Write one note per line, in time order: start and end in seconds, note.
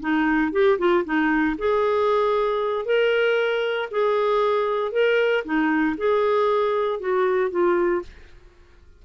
0.00 0.52 D#4
0.52 0.78 G4
0.78 1.04 F4
1.04 1.56 D#4
1.58 2.85 G#4
2.85 3.88 A#4
3.91 4.92 G#4
4.92 5.43 A#4
5.44 5.96 D#4
5.97 6.99 G#4
6.99 7.50 F#4
7.50 8.02 F4